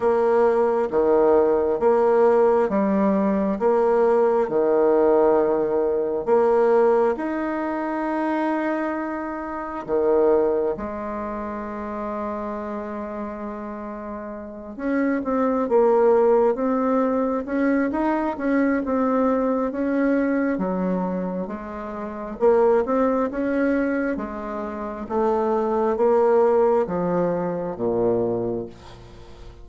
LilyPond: \new Staff \with { instrumentName = "bassoon" } { \time 4/4 \tempo 4 = 67 ais4 dis4 ais4 g4 | ais4 dis2 ais4 | dis'2. dis4 | gis1~ |
gis8 cis'8 c'8 ais4 c'4 cis'8 | dis'8 cis'8 c'4 cis'4 fis4 | gis4 ais8 c'8 cis'4 gis4 | a4 ais4 f4 ais,4 | }